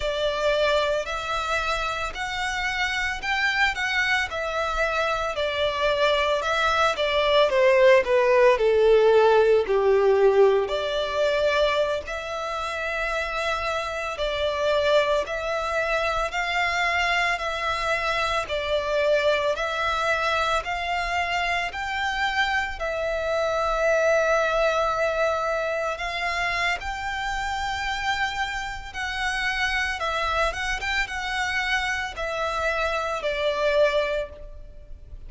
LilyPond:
\new Staff \with { instrumentName = "violin" } { \time 4/4 \tempo 4 = 56 d''4 e''4 fis''4 g''8 fis''8 | e''4 d''4 e''8 d''8 c''8 b'8 | a'4 g'4 d''4~ d''16 e''8.~ | e''4~ e''16 d''4 e''4 f''8.~ |
f''16 e''4 d''4 e''4 f''8.~ | f''16 g''4 e''2~ e''8.~ | e''16 f''8. g''2 fis''4 | e''8 fis''16 g''16 fis''4 e''4 d''4 | }